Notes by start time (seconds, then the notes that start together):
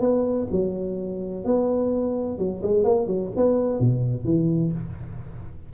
0.00 B3
0.51 F#3
1.44 B3
2.38 F#3
2.62 G#3
2.84 A#3
3.07 F#3
3.36 B3
3.80 B2
4.24 E3